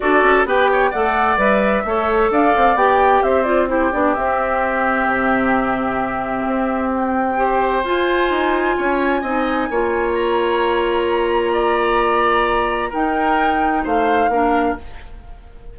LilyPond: <<
  \new Staff \with { instrumentName = "flute" } { \time 4/4 \tempo 4 = 130 d''4 g''4 fis''4 e''4~ | e''4 f''4 g''4 e''8 d''8 | c''8 d''8 e''2.~ | e''2. g''4~ |
g''4 gis''2.~ | gis''2 ais''2~ | ais''1 | g''2 f''2 | }
  \new Staff \with { instrumentName = "oboe" } { \time 4/4 a'4 b'8 cis''8 d''2 | cis''4 d''2 c''4 | g'1~ | g'1 |
c''2. cis''4 | dis''4 cis''2.~ | cis''4 d''2. | ais'2 c''4 ais'4 | }
  \new Staff \with { instrumentName = "clarinet" } { \time 4/4 fis'4 g'4 a'4 b'4 | a'2 g'4. f'8 | e'8 d'8 c'2.~ | c'1 |
g'4 f'2. | dis'4 f'2.~ | f'1 | dis'2. d'4 | }
  \new Staff \with { instrumentName = "bassoon" } { \time 4/4 d'8 cis'8 b4 a4 g4 | a4 d'8 c'8 b4 c'4~ | c'8 b8 c'2 c4~ | c2 c'2~ |
c'4 f'4 dis'4 cis'4 | c'4 ais2.~ | ais1 | dis'2 a4 ais4 | }
>>